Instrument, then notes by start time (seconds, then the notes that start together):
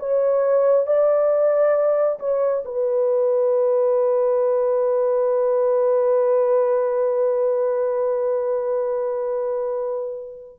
horn
0.00 C#5
0.87 D5
2.20 C#5
2.66 B4